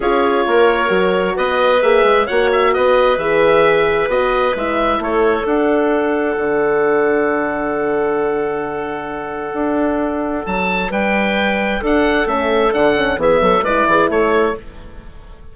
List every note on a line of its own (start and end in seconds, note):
0.00 0.45 C#4
0.00 0.87 F4
0.00 0.45 G#4
0.00 1.37 C#5
0.46 0.89 A#3
0.46 1.35 A#4
0.87 1.35 F#3
0.87 1.78 F#4
1.35 1.82 B3
1.35 2.26 B4
1.35 1.82 D#5
1.82 2.03 A#3
1.82 2.27 G#4
1.82 2.26 E5
2.03 2.26 G#3
2.26 2.76 A#3
2.26 3.19 F#4
2.26 2.71 C#5
2.26 2.49 F#5
2.52 2.73 E5
2.72 3.17 B3
2.72 5.00 B4
2.72 3.18 D#5
3.17 4.07 E3
3.17 4.09 G#4
3.17 4.08 E5
4.07 4.53 B3
4.07 4.55 F#4
4.07 4.55 D#5
4.55 4.98 G#3
4.55 5.45 E4
4.55 5.02 E5
4.98 5.44 A3
4.98 10.89 A4
4.98 5.47 C#5
5.45 12.26 D4
5.45 6.36 D4
5.45 10.46 F#5
6.37 9.53 D3
9.53 10.44 D4
10.46 10.90 F#3
10.46 10.91 A5
10.89 11.81 G3
10.89 11.80 B4
10.89 11.83 G5
11.80 12.26 D4
11.80 13.17 A4
11.80 12.27 F#5
12.26 12.72 A3
12.26 12.71 C#4
12.26 12.73 E5
12.73 13.17 D3
12.73 12.96 D4
12.73 13.19 F#5
12.96 13.18 C#4
13.17 13.40 E3
13.17 13.64 B3
13.17 13.41 G#4
13.17 13.64 E5
13.41 13.62 F#3
13.41 13.63 A4
13.62 13.85 G#3
13.62 14.56 E4
13.62 13.86 B4
13.62 14.10 D5
13.87 14.09 E3
13.87 14.08 G#4
14.08 14.54 A3
14.08 14.54 A4
14.08 14.56 C#5